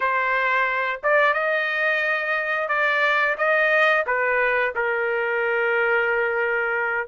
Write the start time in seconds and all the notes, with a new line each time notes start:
0.00 C5
1.03 D5
1.33 D#5
2.68 D5
3.37 D#5
4.06 B4
4.75 A#4